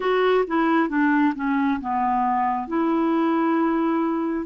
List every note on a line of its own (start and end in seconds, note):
0.00 0.45 F#4
0.47 0.88 E4
0.88 1.33 D4
1.35 1.80 C#4
1.80 2.67 B3
2.67 4.46 E4